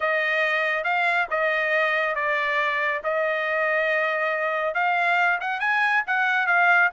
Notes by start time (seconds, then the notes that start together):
0.00 D#5
0.84 F5
1.30 D#5
2.15 D5
3.03 D#5
4.74 F5
5.40 F#5
5.60 G#5
6.06 F#5
6.46 F5